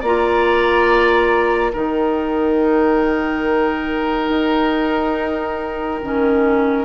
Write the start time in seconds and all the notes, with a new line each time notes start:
0.00 A#3 F4 D5 A#5
1.72 D#3 D#4 A#4 G5
4.28 D#4
6.02 D#3 C#4